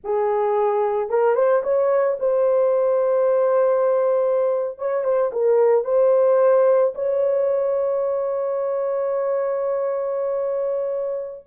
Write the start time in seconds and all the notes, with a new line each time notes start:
0.03 G#4
1.09 A#4
1.35 C5
1.63 C#5
2.19 C5
4.78 C#5
5.04 C5
5.32 A#4
5.84 C5
6.94 C#5